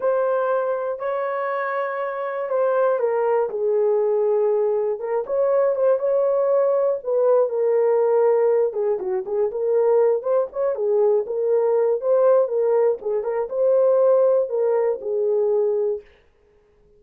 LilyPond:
\new Staff \with { instrumentName = "horn" } { \time 4/4 \tempo 4 = 120 c''2 cis''2~ | cis''4 c''4 ais'4 gis'4~ | gis'2 ais'8 cis''4 c''8 | cis''2 b'4 ais'4~ |
ais'4. gis'8 fis'8 gis'8 ais'4~ | ais'8 c''8 cis''8 gis'4 ais'4. | c''4 ais'4 gis'8 ais'8 c''4~ | c''4 ais'4 gis'2 | }